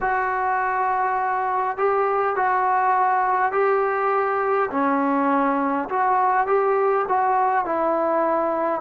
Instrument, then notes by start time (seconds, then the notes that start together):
trombone
0.01 F#4
1.77 G4
2.35 F#4
3.52 G4
4.71 C#4
5.89 F#4
6.47 G4
7.08 F#4
7.65 E4